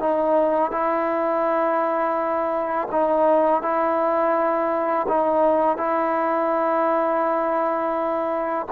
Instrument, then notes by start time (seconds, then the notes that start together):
trombone
0.00 D#4
0.72 E4
2.92 D#4
3.62 E4
5.09 D#4
5.78 E4